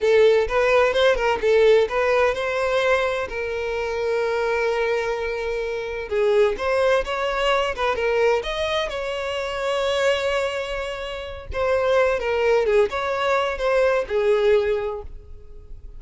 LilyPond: \new Staff \with { instrumentName = "violin" } { \time 4/4 \tempo 4 = 128 a'4 b'4 c''8 ais'8 a'4 | b'4 c''2 ais'4~ | ais'1~ | ais'4 gis'4 c''4 cis''4~ |
cis''8 b'8 ais'4 dis''4 cis''4~ | cis''1~ | cis''8 c''4. ais'4 gis'8 cis''8~ | cis''4 c''4 gis'2 | }